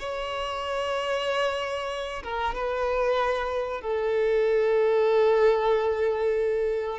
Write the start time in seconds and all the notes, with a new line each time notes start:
0.00 C#5
2.23 A#4
2.55 B4
3.82 A4